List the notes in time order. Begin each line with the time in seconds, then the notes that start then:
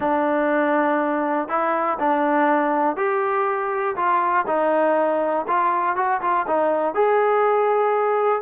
0.00 D4
1.48 E4
1.99 D4
2.96 G4
3.95 F4
4.46 D#4
5.47 F4
5.95 F#4
6.21 F4
6.47 D#4
6.94 G#4